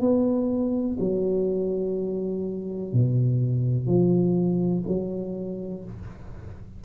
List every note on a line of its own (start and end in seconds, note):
0.00 0.97 B3
0.99 2.93 F#3
2.93 3.87 B2
3.87 4.83 F3
4.87 5.84 F#3